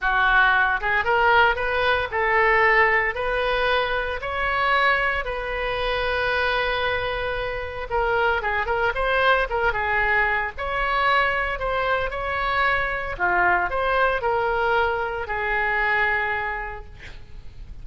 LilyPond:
\new Staff \with { instrumentName = "oboe" } { \time 4/4 \tempo 4 = 114 fis'4. gis'8 ais'4 b'4 | a'2 b'2 | cis''2 b'2~ | b'2. ais'4 |
gis'8 ais'8 c''4 ais'8 gis'4. | cis''2 c''4 cis''4~ | cis''4 f'4 c''4 ais'4~ | ais'4 gis'2. | }